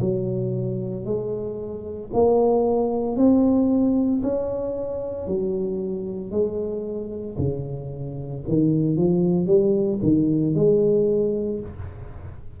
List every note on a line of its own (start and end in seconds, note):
0.00 1.05 F#3
1.05 2.10 G#3
2.13 3.16 A#3
3.16 4.22 C4
4.22 5.27 C#4
5.27 6.31 F#3
6.31 7.36 G#3
7.37 8.43 C#3
8.47 8.97 D#3
8.97 9.46 F3
9.46 9.99 G3
10.02 10.54 D#3
10.54 11.59 G#3